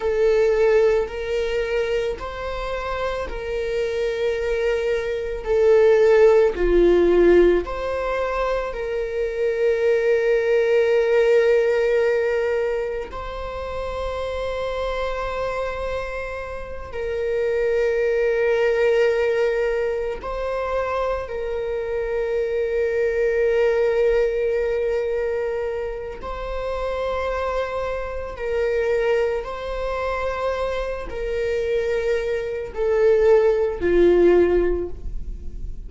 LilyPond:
\new Staff \with { instrumentName = "viola" } { \time 4/4 \tempo 4 = 55 a'4 ais'4 c''4 ais'4~ | ais'4 a'4 f'4 c''4 | ais'1 | c''2.~ c''8 ais'8~ |
ais'2~ ais'8 c''4 ais'8~ | ais'1 | c''2 ais'4 c''4~ | c''8 ais'4. a'4 f'4 | }